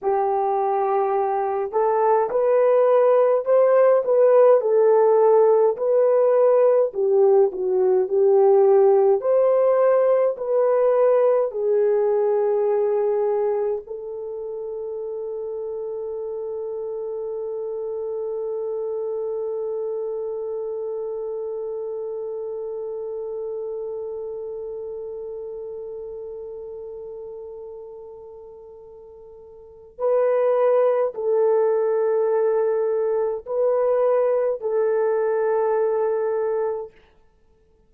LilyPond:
\new Staff \with { instrumentName = "horn" } { \time 4/4 \tempo 4 = 52 g'4. a'8 b'4 c''8 b'8 | a'4 b'4 g'8 fis'8 g'4 | c''4 b'4 gis'2 | a'1~ |
a'1~ | a'1~ | a'2 b'4 a'4~ | a'4 b'4 a'2 | }